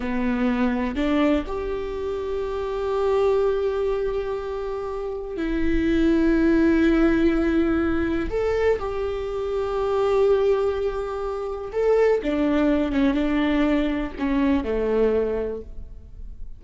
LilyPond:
\new Staff \with { instrumentName = "viola" } { \time 4/4 \tempo 4 = 123 b2 d'4 g'4~ | g'1~ | g'2. e'4~ | e'1~ |
e'4 a'4 g'2~ | g'1 | a'4 d'4. cis'8 d'4~ | d'4 cis'4 a2 | }